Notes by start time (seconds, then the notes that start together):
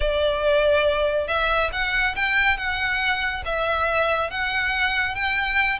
0.00 D5
1.27 E5
1.72 F#5
2.15 G5
2.57 F#5
3.45 E5
4.30 F#5
5.14 G5